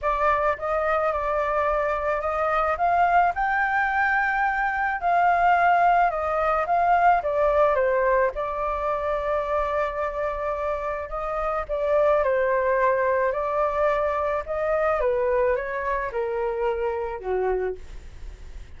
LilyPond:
\new Staff \with { instrumentName = "flute" } { \time 4/4 \tempo 4 = 108 d''4 dis''4 d''2 | dis''4 f''4 g''2~ | g''4 f''2 dis''4 | f''4 d''4 c''4 d''4~ |
d''1 | dis''4 d''4 c''2 | d''2 dis''4 b'4 | cis''4 ais'2 fis'4 | }